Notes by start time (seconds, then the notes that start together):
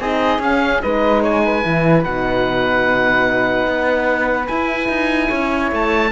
0.00 C4 D#4 G#4 D#5
0.39 C#4 F5
0.82 G#3 D#4 B4 D#5
1.23 C#5 G#5
1.45 B4
1.62 E3 E4
2.04 B2 D#4 F#5
3.67 B3
4.48 E4 G#5
4.89 D#4
5.29 C#4 C#5
5.72 A3 A5